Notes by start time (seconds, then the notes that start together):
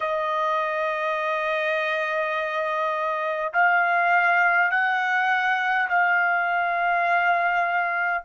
0.00 D#5
3.53 F5
4.71 F#5
5.89 F5